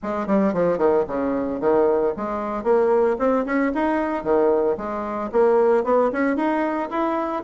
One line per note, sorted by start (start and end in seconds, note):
0.02 0.27 G#3
0.27 0.53 G3
0.53 0.77 F3
0.77 1.04 D#3
1.07 1.60 C#3
1.60 2.13 D#3
2.16 2.63 G#3
2.63 3.16 A#3
3.18 3.45 C4
3.45 3.72 C#4
3.74 4.23 D#4
4.23 4.76 D#3
4.77 5.30 G#3
5.31 5.84 A#3
5.84 6.10 B3
6.12 6.36 C#4
6.36 6.89 D#4
6.90 7.43 E4